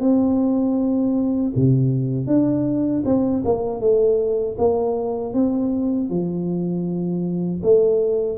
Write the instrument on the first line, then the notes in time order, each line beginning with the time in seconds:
tuba
0.00 C4
1.56 C3
2.27 D4
3.05 C4
3.45 A#3
3.80 A3
4.58 A#3
5.34 C4
6.10 F3
7.63 A3